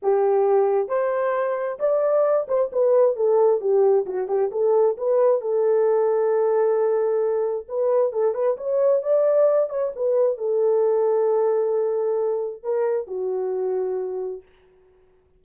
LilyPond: \new Staff \with { instrumentName = "horn" } { \time 4/4 \tempo 4 = 133 g'2 c''2 | d''4. c''8 b'4 a'4 | g'4 fis'8 g'8 a'4 b'4 | a'1~ |
a'4 b'4 a'8 b'8 cis''4 | d''4. cis''8 b'4 a'4~ | a'1 | ais'4 fis'2. | }